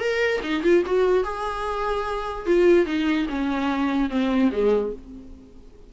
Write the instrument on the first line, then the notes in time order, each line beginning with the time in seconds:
viola
0.00 A#4
0.43 D#4
0.63 F4
0.86 F#4
1.24 G#4
2.47 F4
2.86 D#4
3.29 C#4
4.10 C4
4.52 G#3